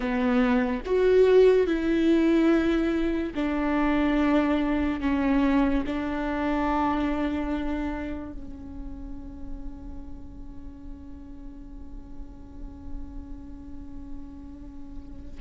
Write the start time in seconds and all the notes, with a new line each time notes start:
0.00 B3
0.85 F#4
1.67 E4
3.34 D4
5.00 C#4
5.86 D4
8.32 C#4